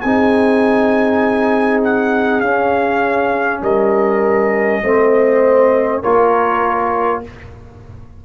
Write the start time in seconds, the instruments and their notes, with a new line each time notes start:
0.00 tuba C4, trombone D#4, horn G#4, trumpet G#5
1.83 trumpet F#5
2.40 tuba C#4, trombone C#4, trumpet F5
3.61 tuba G3, horn A#4, trumpet D#5
4.82 tuba A3, trombone C4, horn C5
6.02 tuba A#3, trombone F4, horn A#4, trumpet C#5